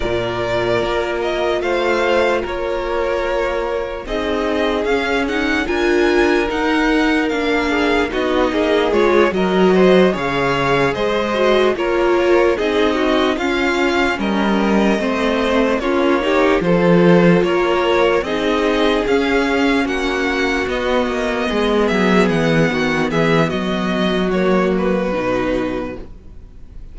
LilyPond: <<
  \new Staff \with { instrumentName = "violin" } { \time 4/4 \tempo 4 = 74 d''4. dis''8 f''4 cis''4~ | cis''4 dis''4 f''8 fis''8 gis''4 | fis''4 f''4 dis''4 cis''8 dis''8~ | dis''8 f''4 dis''4 cis''4 dis''8~ |
dis''8 f''4 dis''2 cis''8~ | cis''8 c''4 cis''4 dis''4 f''8~ | f''8 fis''4 dis''4. e''8 fis''8~ | fis''8 e''8 dis''4 cis''8 b'4. | }
  \new Staff \with { instrumentName = "violin" } { \time 4/4 ais'2 c''4 ais'4~ | ais'4 gis'2 ais'4~ | ais'4. gis'8 fis'8 gis'4 ais'8 | c''8 cis''4 c''4 ais'4 gis'8 |
fis'8 f'4 ais'4 c''4 f'8 | g'8 a'4 ais'4 gis'4.~ | gis'8 fis'2 gis'4. | fis'8 gis'8 fis'2. | }
  \new Staff \with { instrumentName = "viola" } { \time 4/4 f'1~ | f'4 dis'4 cis'8 dis'8 f'4 | dis'4 d'4 dis'4 f'8 fis'8~ | fis'8 gis'4. fis'8 f'4 dis'8~ |
dis'8 cis'2 c'4 cis'8 | dis'8 f'2 dis'4 cis'8~ | cis'4. b2~ b8~ | b2 ais4 dis'4 | }
  \new Staff \with { instrumentName = "cello" } { \time 4/4 ais,4 ais4 a4 ais4~ | ais4 c'4 cis'4 d'4 | dis'4 ais4 b8 ais8 gis8 fis8~ | fis8 cis4 gis4 ais4 c'8~ |
c'8 cis'4 g4 a4 ais8~ | ais8 f4 ais4 c'4 cis'8~ | cis'8 ais4 b8 ais8 gis8 fis8 e8 | dis8 e8 fis2 b,4 | }
>>